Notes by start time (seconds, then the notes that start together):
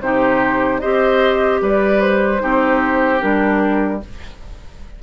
0.00 C3 D#4 G4 C5
0.80 C4 G4 C5 D#5
1.61 G3 B4 D5
2.01 C5
2.39 C4 D#4 G4
3.19 G3 D4 A#4